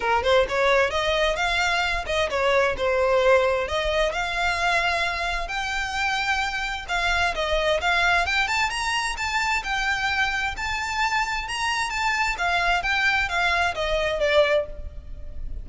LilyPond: \new Staff \with { instrumentName = "violin" } { \time 4/4 \tempo 4 = 131 ais'8 c''8 cis''4 dis''4 f''4~ | f''8 dis''8 cis''4 c''2 | dis''4 f''2. | g''2. f''4 |
dis''4 f''4 g''8 a''8 ais''4 | a''4 g''2 a''4~ | a''4 ais''4 a''4 f''4 | g''4 f''4 dis''4 d''4 | }